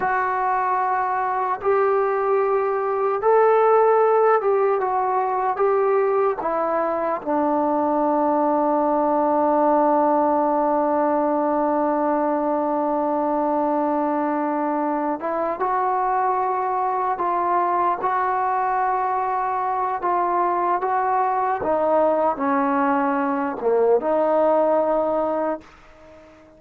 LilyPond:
\new Staff \with { instrumentName = "trombone" } { \time 4/4 \tempo 4 = 75 fis'2 g'2 | a'4. g'8 fis'4 g'4 | e'4 d'2.~ | d'1~ |
d'2. e'8 fis'8~ | fis'4. f'4 fis'4.~ | fis'4 f'4 fis'4 dis'4 | cis'4. ais8 dis'2 | }